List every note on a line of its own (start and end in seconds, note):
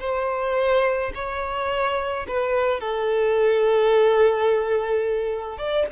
0.00 1.12 C5
1.15 2.27 C#5
2.28 2.80 B4
2.80 5.58 A4
5.58 5.86 D5